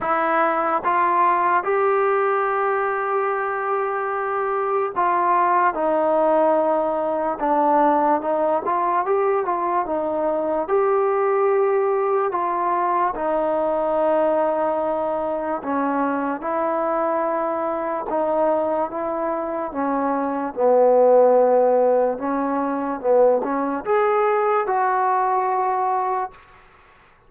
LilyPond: \new Staff \with { instrumentName = "trombone" } { \time 4/4 \tempo 4 = 73 e'4 f'4 g'2~ | g'2 f'4 dis'4~ | dis'4 d'4 dis'8 f'8 g'8 f'8 | dis'4 g'2 f'4 |
dis'2. cis'4 | e'2 dis'4 e'4 | cis'4 b2 cis'4 | b8 cis'8 gis'4 fis'2 | }